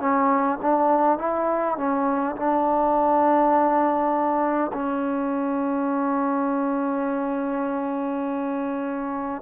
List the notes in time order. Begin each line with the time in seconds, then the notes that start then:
0.00 C#4
0.62 D4
1.18 E4
1.77 C#4
2.36 D4
4.73 C#4